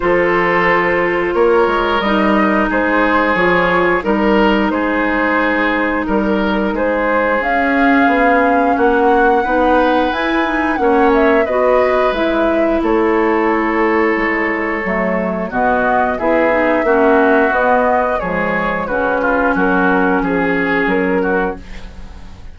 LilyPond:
<<
  \new Staff \with { instrumentName = "flute" } { \time 4/4 \tempo 4 = 89 c''2 cis''4 dis''4 | c''4 cis''4 ais'4 c''4~ | c''4 ais'4 c''4 f''4~ | f''4 fis''2 gis''4 |
fis''8 e''8 dis''4 e''4 cis''4~ | cis''2. dis''4 | e''2 dis''4 cis''4 | b'4 ais'4 gis'4 ais'4 | }
  \new Staff \with { instrumentName = "oboe" } { \time 4/4 a'2 ais'2 | gis'2 ais'4 gis'4~ | gis'4 ais'4 gis'2~ | gis'4 fis'4 b'2 |
cis''4 b'2 a'4~ | a'2. fis'4 | gis'4 fis'2 gis'4 | fis'8 f'8 fis'4 gis'4. fis'8 | }
  \new Staff \with { instrumentName = "clarinet" } { \time 4/4 f'2. dis'4~ | dis'4 f'4 dis'2~ | dis'2. cis'4~ | cis'2 dis'4 e'8 dis'8 |
cis'4 fis'4 e'2~ | e'2 a4 b4 | e'8 dis'8 cis'4 b4 gis4 | cis'1 | }
  \new Staff \with { instrumentName = "bassoon" } { \time 4/4 f2 ais8 gis8 g4 | gis4 f4 g4 gis4~ | gis4 g4 gis4 cis'4 | b4 ais4 b4 e'4 |
ais4 b4 gis4 a4~ | a4 gis4 fis4 b,4 | b4 ais4 b4 f4 | cis4 fis4 f4 fis4 | }
>>